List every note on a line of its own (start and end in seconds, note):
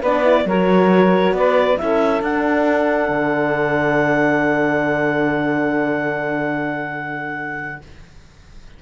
0.00 0.45 B3
0.00 0.23 D4
0.00 0.44 B4
0.00 0.47 D5
0.23 0.45 E4
0.45 1.31 F#3
0.45 1.77 F#4
0.45 1.35 A#4
0.45 1.34 C#5
1.31 1.75 B3
1.31 1.80 B4
1.31 1.77 D5
1.77 2.21 C#4
1.77 2.21 E4
1.77 7.82 A4
1.77 2.21 E5
2.21 3.08 D4
2.21 7.80 D4
2.21 7.81 F#5
3.08 7.79 D3